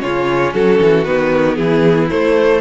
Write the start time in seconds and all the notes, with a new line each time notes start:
0.00 C#3 C#4 F4 C#5
0.54 F#3 F#4 A4
0.82 E3
1.05 D#3 B3 B4
1.56 E3 E4 G#4
2.10 A3 C5